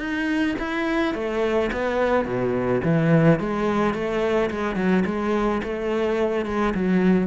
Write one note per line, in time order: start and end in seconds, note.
0.00 0.56 D#4
0.59 1.15 E4
1.15 1.71 A3
1.73 2.26 B3
2.26 2.82 B2
2.84 3.40 E3
3.40 3.94 G#3
3.94 4.50 A3
4.51 4.76 G#3
4.76 5.04 F#3
5.06 5.62 G#3
5.64 6.46 A3
6.46 6.74 G#3
6.75 7.28 F#3